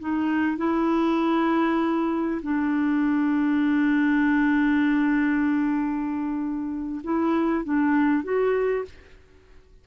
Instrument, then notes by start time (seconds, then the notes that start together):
clarinet
0.00 D#4
0.58 E4
2.43 D4
7.04 E4
7.65 D4
8.24 F#4